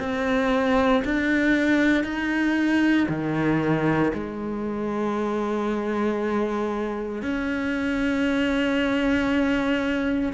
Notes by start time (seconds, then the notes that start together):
0.00 C4
1.05 D4
2.04 D#4
3.09 D#3
4.14 G#3
7.23 C#4